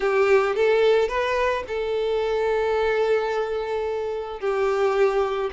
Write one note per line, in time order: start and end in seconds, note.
0.00 0.55 G4
0.55 1.08 A4
1.08 1.63 B4
1.67 4.40 A4
4.40 5.50 G4